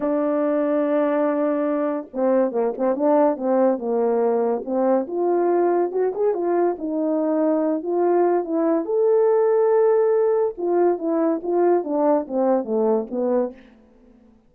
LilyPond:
\new Staff \with { instrumentName = "horn" } { \time 4/4 \tempo 4 = 142 d'1~ | d'4 c'4 ais8 c'8 d'4 | c'4 ais2 c'4 | f'2 fis'8 gis'8 f'4 |
dis'2~ dis'8 f'4. | e'4 a'2.~ | a'4 f'4 e'4 f'4 | d'4 c'4 a4 b4 | }